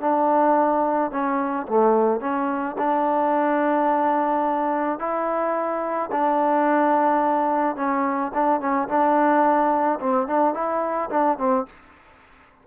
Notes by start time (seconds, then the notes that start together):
0.00 D4
1.11 C#4
1.67 A3
2.20 C#4
2.78 D4
4.99 E4
6.11 D4
7.76 C#4
8.34 D4
8.60 C#4
8.88 D4
9.99 C4
10.27 D4
10.54 E4
11.10 D4
11.38 C4